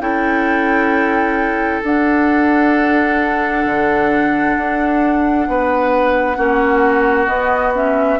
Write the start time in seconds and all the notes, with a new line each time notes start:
0.00 C#4 E4 A4 G5
1.83 D4 F#5
3.66 D3
4.57 D4
5.48 B3 B4
6.36 A#3 C#4 F#4
7.27 B3 D#5
7.74 C#4 E5